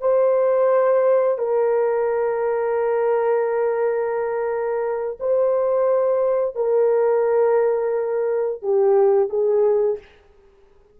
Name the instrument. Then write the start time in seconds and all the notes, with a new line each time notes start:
horn
0.00 C5
1.38 A#4
5.19 C5
6.55 A#4
8.62 G4
9.29 G#4